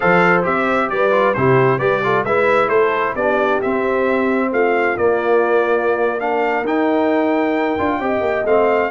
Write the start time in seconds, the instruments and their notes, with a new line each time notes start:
0.00 tuba F3, trombone A4, horn C5, trumpet F5
0.43 tuba C4, trombone G4, trumpet E5
0.89 tuba G3, horn B4, trumpet D5
1.11 trombone F4
1.34 tuba C3, trombone E4, horn G4, trumpet C5
1.78 tuba G3, trombone G4, horn B4, trumpet D5
2.03 trombone F4, horn A4
2.24 tuba G#3, trombone E4, horn B4, trumpet E5
2.68 tuba A3, horn A4, trumpet C5
3.14 tuba B3, trombone D4, horn G4, trumpet D5
3.61 trombone C4, tuba C4, trumpet E5
4.51 tuba A3, horn F4, trumpet F5
4.97 tuba A#3, trombone A#3, trumpet D5
6.19 trombone D4, horn A#4, trumpet F5
6.63 tuba D#4, trombone D#4, trumpet G5
7.78 tuba D4, trombone F4
7.99 tuba C4, trombone G4, horn D#5
8.20 tuba A#3
8.44 tuba A3, trombone C4, trumpet F5